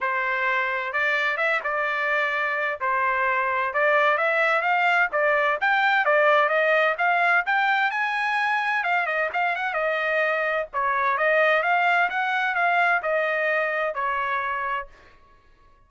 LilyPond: \new Staff \with { instrumentName = "trumpet" } { \time 4/4 \tempo 4 = 129 c''2 d''4 e''8 d''8~ | d''2 c''2 | d''4 e''4 f''4 d''4 | g''4 d''4 dis''4 f''4 |
g''4 gis''2 f''8 dis''8 | f''8 fis''8 dis''2 cis''4 | dis''4 f''4 fis''4 f''4 | dis''2 cis''2 | }